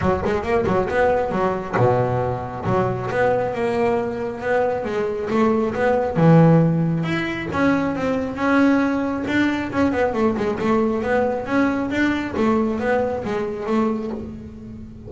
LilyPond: \new Staff \with { instrumentName = "double bass" } { \time 4/4 \tempo 4 = 136 fis8 gis8 ais8 fis8 b4 fis4 | b,2 fis4 b4 | ais2 b4 gis4 | a4 b4 e2 |
e'4 cis'4 c'4 cis'4~ | cis'4 d'4 cis'8 b8 a8 gis8 | a4 b4 cis'4 d'4 | a4 b4 gis4 a4 | }